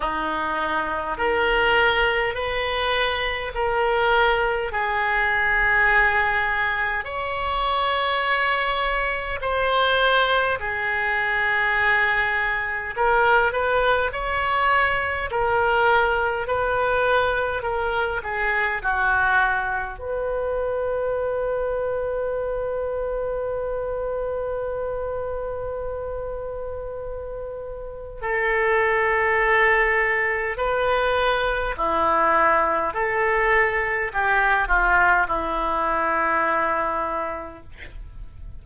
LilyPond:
\new Staff \with { instrumentName = "oboe" } { \time 4/4 \tempo 4 = 51 dis'4 ais'4 b'4 ais'4 | gis'2 cis''2 | c''4 gis'2 ais'8 b'8 | cis''4 ais'4 b'4 ais'8 gis'8 |
fis'4 b'2.~ | b'1 | a'2 b'4 e'4 | a'4 g'8 f'8 e'2 | }